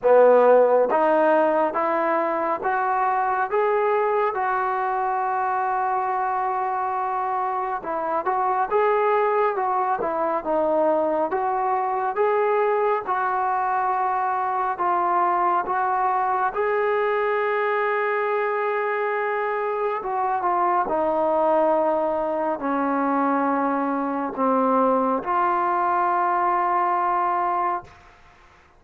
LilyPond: \new Staff \with { instrumentName = "trombone" } { \time 4/4 \tempo 4 = 69 b4 dis'4 e'4 fis'4 | gis'4 fis'2.~ | fis'4 e'8 fis'8 gis'4 fis'8 e'8 | dis'4 fis'4 gis'4 fis'4~ |
fis'4 f'4 fis'4 gis'4~ | gis'2. fis'8 f'8 | dis'2 cis'2 | c'4 f'2. | }